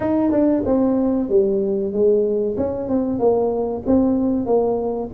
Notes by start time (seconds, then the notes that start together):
0.00 D#4
0.31 D4
0.65 C4
1.29 G3
1.92 G#3
2.57 C#4
2.89 C4
3.19 A#3
3.86 C4
4.45 A#3